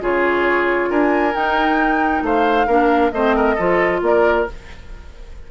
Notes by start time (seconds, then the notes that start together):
0.00 C#3 F4 G#4 C#5
0.89 D4 A#4 G#5
1.33 D#4 G5
2.22 A3 C5 F5
2.66 A#3 D4 A#4
3.12 A3 C4 C5 D#5
3.35 A#4
3.54 F3 F4 A4
4.01 A#3 A#4 D5